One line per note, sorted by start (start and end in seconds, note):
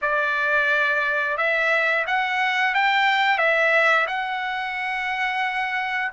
0.01 1.37 D5
1.37 2.05 E5
2.06 2.74 F#5
2.74 3.38 G5
3.38 4.06 E5
4.07 6.11 F#5